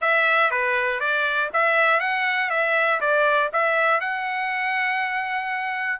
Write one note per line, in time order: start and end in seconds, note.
0.01 0.50 E5
0.50 1.00 B4
1.00 1.50 D5
1.53 2.00 E5
2.00 2.50 F#5
2.50 3.00 E5
3.00 3.50 D5
3.52 4.00 E5
4.00 5.99 F#5